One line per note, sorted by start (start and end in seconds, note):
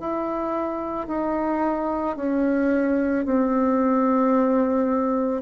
0.00 1.07 E4
1.07 2.16 D#4
2.17 3.25 C#4
3.25 5.42 C4